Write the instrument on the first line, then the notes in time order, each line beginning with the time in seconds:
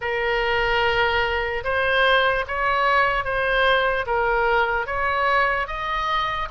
oboe
0.01 A#4
1.64 C5
2.47 C#5
3.24 C5
4.06 A#4
4.86 C#5
5.67 D#5